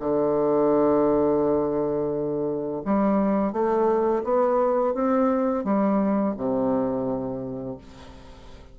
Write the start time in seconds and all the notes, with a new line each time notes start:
0.00 D3
2.85 G3
3.53 A3
4.24 B3
4.94 C4
5.64 G3
6.37 C3